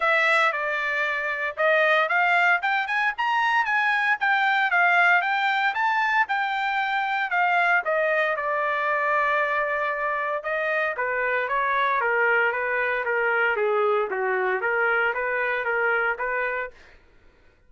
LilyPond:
\new Staff \with { instrumentName = "trumpet" } { \time 4/4 \tempo 4 = 115 e''4 d''2 dis''4 | f''4 g''8 gis''8 ais''4 gis''4 | g''4 f''4 g''4 a''4 | g''2 f''4 dis''4 |
d''1 | dis''4 b'4 cis''4 ais'4 | b'4 ais'4 gis'4 fis'4 | ais'4 b'4 ais'4 b'4 | }